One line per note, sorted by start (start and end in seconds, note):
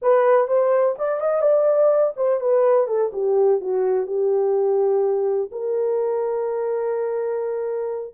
0.02 0.47 B4
0.47 0.95 C5
0.98 1.20 D5
1.20 1.41 D#5
1.41 2.13 D5
2.16 2.40 C5
2.40 2.87 B4
2.87 3.11 A4
3.12 3.60 G4
3.60 4.06 F#4
4.06 5.50 G4
5.51 8.14 A#4